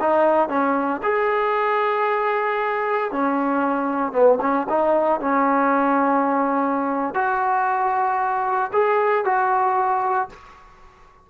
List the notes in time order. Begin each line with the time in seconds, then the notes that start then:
0.00 D#4
0.49 C#4
1.03 G#4
3.12 C#4
4.12 B3
4.41 C#4
4.70 D#4
5.20 C#4
7.15 F#4
8.73 G#4
9.25 F#4